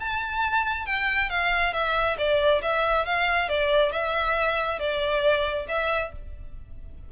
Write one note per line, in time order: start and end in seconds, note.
0.00 0.86 A5
0.86 1.30 G5
1.30 1.73 F5
1.73 2.17 E5
2.18 2.62 D5
2.62 3.06 E5
3.06 3.49 F5
3.49 3.92 D5
3.92 4.79 E5
4.79 5.67 D5
5.68 6.12 E5